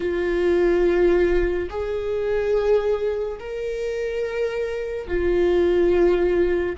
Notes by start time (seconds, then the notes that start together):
0.00 F4
1.69 G#4
3.39 A#4
5.07 F4